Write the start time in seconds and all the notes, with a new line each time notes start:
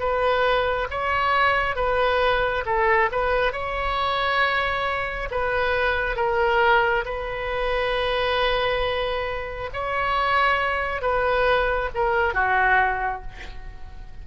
0.00 B4
0.91 C#5
1.76 B4
2.66 A4
3.12 B4
3.53 C#5
5.31 B4
6.16 A#4
7.06 B4
9.73 C#5
11.02 B4
11.95 A#4
12.34 F#4